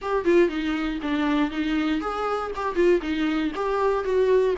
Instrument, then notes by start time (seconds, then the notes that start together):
viola
0.01 G4
0.24 F4
0.49 D#4
1.02 D4
1.51 D#4
2.00 G#4
2.55 G4
2.75 F4
3.01 D#4
3.55 G4
4.04 F#4